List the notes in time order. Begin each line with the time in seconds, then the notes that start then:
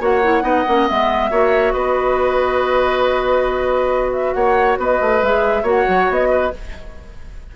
0.00 A#3 F#4 C#5 F#5
0.23 E4
0.42 B3 D#4 D#5
0.68 A#3 C#4
0.88 G#3 B3 E5
1.31 A#3 F#4 C#5
1.72 B3 B4 D#5
4.13 E5
4.34 A#3 C#5 F#5
4.78 B3 B4 D#5
5.01 A3
5.22 G#3 G#4 E5
5.63 A#3 F#4 C#5
5.69 F#5
5.88 F#3
6.10 B3 D#5
6.31 B4